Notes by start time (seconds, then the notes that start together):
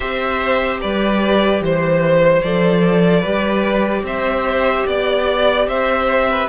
0.00 C4 G4 C5 E5
0.81 G3 B4 D5
1.60 E3 C5
2.42 F3 A4 D5
3.20 G3 G4 B4
4.03 C4 C5 E5
4.86 B3 D5
5.67 C4 C5 E5
6.30 B4